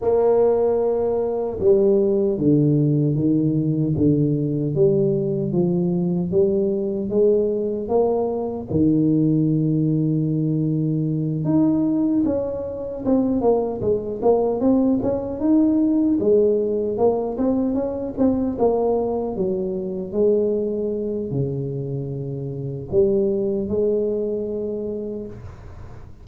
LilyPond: \new Staff \with { instrumentName = "tuba" } { \time 4/4 \tempo 4 = 76 ais2 g4 d4 | dis4 d4 g4 f4 | g4 gis4 ais4 dis4~ | dis2~ dis8 dis'4 cis'8~ |
cis'8 c'8 ais8 gis8 ais8 c'8 cis'8 dis'8~ | dis'8 gis4 ais8 c'8 cis'8 c'8 ais8~ | ais8 fis4 gis4. cis4~ | cis4 g4 gis2 | }